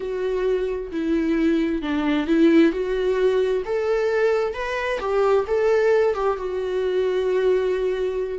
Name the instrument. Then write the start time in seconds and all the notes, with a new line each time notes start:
viola
0.00 F#4
0.91 E4
1.81 D4
2.26 E4
2.72 F#4
3.65 A4
4.53 B4
4.99 G4
5.47 A4
6.14 G4
6.37 F#4